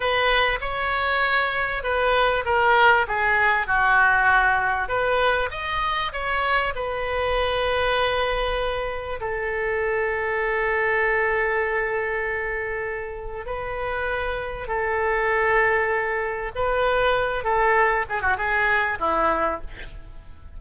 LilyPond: \new Staff \with { instrumentName = "oboe" } { \time 4/4 \tempo 4 = 98 b'4 cis''2 b'4 | ais'4 gis'4 fis'2 | b'4 dis''4 cis''4 b'4~ | b'2. a'4~ |
a'1~ | a'2 b'2 | a'2. b'4~ | b'8 a'4 gis'16 fis'16 gis'4 e'4 | }